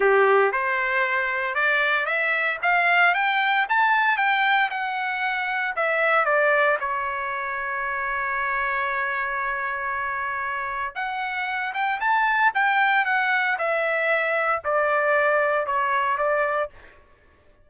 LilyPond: \new Staff \with { instrumentName = "trumpet" } { \time 4/4 \tempo 4 = 115 g'4 c''2 d''4 | e''4 f''4 g''4 a''4 | g''4 fis''2 e''4 | d''4 cis''2.~ |
cis''1~ | cis''4 fis''4. g''8 a''4 | g''4 fis''4 e''2 | d''2 cis''4 d''4 | }